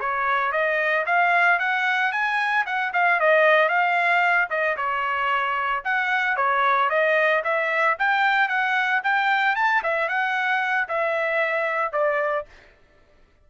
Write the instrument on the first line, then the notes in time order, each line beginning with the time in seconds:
trumpet
0.00 C#5
0.52 D#5
1.06 F5
1.60 F#5
2.12 G#5
2.66 F#5
2.93 F5
3.20 D#5
3.69 F5
4.50 D#5
4.77 C#5
5.85 F#5
6.37 C#5
6.90 D#5
7.44 E5
7.99 G5
8.49 F#5
9.04 G5
9.56 A5
9.84 E5
10.09 F#5
10.89 E5
11.93 D5